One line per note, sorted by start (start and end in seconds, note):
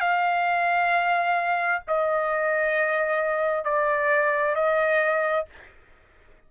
0.00 1.82 F5
1.87 3.64 D#5
3.64 4.55 D5
4.55 5.45 D#5